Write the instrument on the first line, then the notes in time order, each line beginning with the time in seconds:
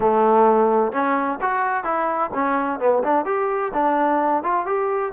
trombone
0.00 A3
0.92 C#4
1.41 F#4
1.84 E4
2.33 C#4
2.79 B3
3.03 D4
3.25 G4
3.73 D4
4.43 F4
4.66 G4